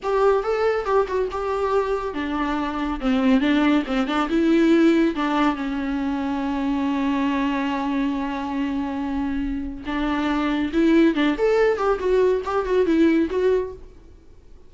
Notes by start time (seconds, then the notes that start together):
0.02 G4
0.43 A4
0.85 G4
1.07 F#4
1.31 G4
2.14 D4
3.00 C4
3.40 D4
3.86 C4
4.07 D4
4.29 E4
5.15 D4
5.55 C#4
9.86 D4
10.72 E4
11.14 D4
11.38 A4
11.77 G4
11.99 F#4
12.44 G4
12.65 F#4
12.86 E4
13.30 F#4